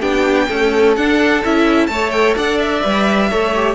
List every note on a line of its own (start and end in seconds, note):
0.00 0.49 B3
0.00 0.48 D4
0.00 0.47 G4
0.00 0.94 G5
0.48 0.97 A3
0.48 0.97 C#4
0.48 1.88 A4
0.96 1.44 D4
0.96 1.43 F#5
1.44 1.88 C#4
1.44 1.90 E4
1.44 1.86 E5
1.86 2.35 A3
1.86 2.82 A4
1.86 2.36 C#5
1.86 2.10 A5
2.10 2.34 G5
2.36 2.83 D4
2.36 3.29 D5
2.36 2.58 F#5
2.58 3.75 E5
2.82 3.31 G3
2.82 3.29 B4
3.29 3.75 A3
3.29 3.53 A4
3.29 3.75 C#5
3.55 3.75 G4